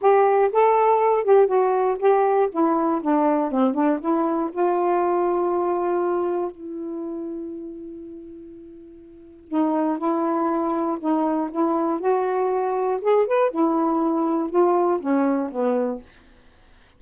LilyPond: \new Staff \with { instrumentName = "saxophone" } { \time 4/4 \tempo 4 = 120 g'4 a'4. g'8 fis'4 | g'4 e'4 d'4 c'8 d'8 | e'4 f'2.~ | f'4 e'2.~ |
e'2. dis'4 | e'2 dis'4 e'4 | fis'2 gis'8 b'8 e'4~ | e'4 f'4 cis'4 b4 | }